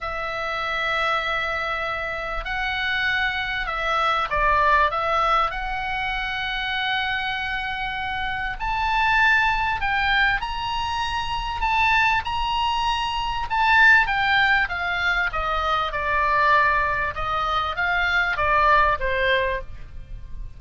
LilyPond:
\new Staff \with { instrumentName = "oboe" } { \time 4/4 \tempo 4 = 98 e''1 | fis''2 e''4 d''4 | e''4 fis''2.~ | fis''2 a''2 |
g''4 ais''2 a''4 | ais''2 a''4 g''4 | f''4 dis''4 d''2 | dis''4 f''4 d''4 c''4 | }